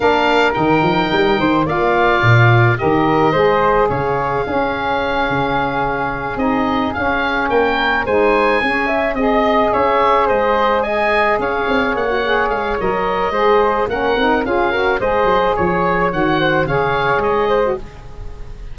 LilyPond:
<<
  \new Staff \with { instrumentName = "oboe" } { \time 4/4 \tempo 4 = 108 f''4 g''2 f''4~ | f''4 dis''2 f''4~ | f''2.~ f''8 dis''8~ | dis''8 f''4 g''4 gis''4.~ |
gis''8 dis''4 e''4 dis''4 gis''8~ | gis''8 f''4 fis''4 f''8 dis''4~ | dis''4 fis''4 f''4 dis''4 | cis''4 fis''4 f''4 dis''4 | }
  \new Staff \with { instrumentName = "flute" } { \time 4/4 ais'2~ ais'8 c''8 d''4~ | d''4 ais'4 c''4 cis''4 | gis'1~ | gis'4. ais'4 c''4 gis'8 |
e''8 dis''4 cis''4 c''4 dis''8~ | dis''8 cis''2.~ cis''8 | c''4 ais'4 gis'8 ais'8 c''4 | cis''4. c''8 cis''4. c''8 | }
  \new Staff \with { instrumentName = "saxophone" } { \time 4/4 d'4 dis'2 f'4~ | f'4 g'4 gis'2 | cis'2.~ cis'8 dis'8~ | dis'8 cis'2 dis'4 cis'8~ |
cis'8 gis'2.~ gis'8~ | gis'4.~ gis'16 fis'16 gis'4 ais'4 | gis'4 cis'8 dis'8 f'8 fis'8 gis'4~ | gis'4 fis'4 gis'4.~ gis'16 fis'16 | }
  \new Staff \with { instrumentName = "tuba" } { \time 4/4 ais4 dis8 f8 g8 dis8 ais4 | ais,4 dis4 gis4 cis4 | cis'4. cis2 c'8~ | c'8 cis'4 ais4 gis4 cis'8~ |
cis'8 c'4 cis'4 gis4.~ | gis8 cis'8 c'8 ais4 gis8 fis4 | gis4 ais8 c'8 cis'4 gis8 fis8 | f4 dis4 cis4 gis4 | }
>>